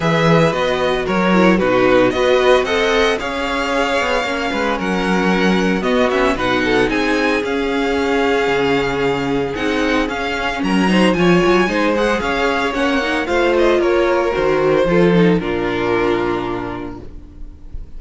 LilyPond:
<<
  \new Staff \with { instrumentName = "violin" } { \time 4/4 \tempo 4 = 113 e''4 dis''4 cis''4 b'4 | dis''4 fis''4 f''2~ | f''4 fis''2 dis''8 e''8 | fis''4 gis''4 f''2~ |
f''2 fis''4 f''4 | ais''4 gis''4. fis''8 f''4 | fis''4 f''8 dis''8 cis''4 c''4~ | c''4 ais'2. | }
  \new Staff \with { instrumentName = "violin" } { \time 4/4 b'2 ais'4 fis'4 | b'4 dis''4 cis''2~ | cis''8 b'8 ais'2 fis'4 | b'8 a'8 gis'2.~ |
gis'1 | ais'8 c''8 cis''4 c''4 cis''4~ | cis''4 c''4 ais'2 | a'4 f'2. | }
  \new Staff \with { instrumentName = "viola" } { \time 4/4 gis'4 fis'4. e'8 dis'4 | fis'4 a'4 gis'2 | cis'2. b8 cis'8 | dis'2 cis'2~ |
cis'2 dis'4 cis'4~ | cis'8 dis'8 f'4 dis'8 gis'4. | cis'8 dis'8 f'2 fis'4 | f'8 dis'8 d'2. | }
  \new Staff \with { instrumentName = "cello" } { \time 4/4 e4 b4 fis4 b,4 | b4 c'4 cis'4. b8 | ais8 gis8 fis2 b4 | b,4 c'4 cis'2 |
cis2 c'4 cis'4 | fis4 f8 fis8 gis4 cis'4 | ais4 a4 ais4 dis4 | f4 ais,2. | }
>>